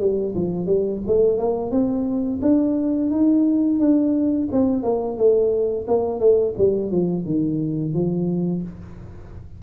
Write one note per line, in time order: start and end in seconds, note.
0.00 0.34 G3
0.35 0.66 F3
0.66 1.01 G3
1.07 1.38 A3
1.38 1.71 A#3
1.71 2.40 C4
2.42 3.11 D4
3.11 3.80 D#4
3.80 4.49 D4
4.52 4.83 C4
4.83 5.18 A#3
5.18 5.87 A3
5.87 6.20 A#3
6.20 6.54 A3
6.58 6.91 G3
6.91 7.25 F3
7.25 7.94 D#3
7.94 8.63 F3